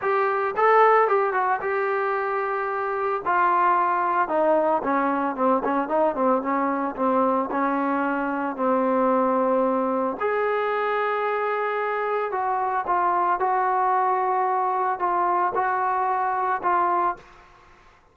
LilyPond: \new Staff \with { instrumentName = "trombone" } { \time 4/4 \tempo 4 = 112 g'4 a'4 g'8 fis'8 g'4~ | g'2 f'2 | dis'4 cis'4 c'8 cis'8 dis'8 c'8 | cis'4 c'4 cis'2 |
c'2. gis'4~ | gis'2. fis'4 | f'4 fis'2. | f'4 fis'2 f'4 | }